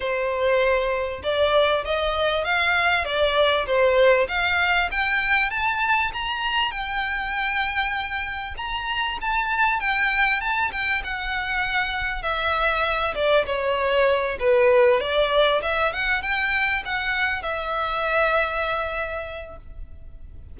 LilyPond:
\new Staff \with { instrumentName = "violin" } { \time 4/4 \tempo 4 = 98 c''2 d''4 dis''4 | f''4 d''4 c''4 f''4 | g''4 a''4 ais''4 g''4~ | g''2 ais''4 a''4 |
g''4 a''8 g''8 fis''2 | e''4. d''8 cis''4. b'8~ | b'8 d''4 e''8 fis''8 g''4 fis''8~ | fis''8 e''2.~ e''8 | }